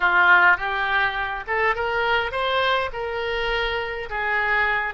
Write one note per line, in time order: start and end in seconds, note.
0.00 0.57 F4
0.57 1.44 G4
1.47 1.75 A4
1.75 2.31 A#4
2.31 2.90 C5
2.92 4.09 A#4
4.09 4.94 G#4